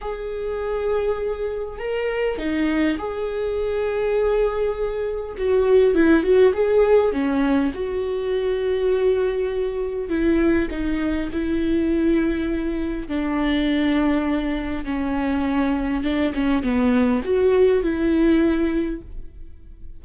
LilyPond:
\new Staff \with { instrumentName = "viola" } { \time 4/4 \tempo 4 = 101 gis'2. ais'4 | dis'4 gis'2.~ | gis'4 fis'4 e'8 fis'8 gis'4 | cis'4 fis'2.~ |
fis'4 e'4 dis'4 e'4~ | e'2 d'2~ | d'4 cis'2 d'8 cis'8 | b4 fis'4 e'2 | }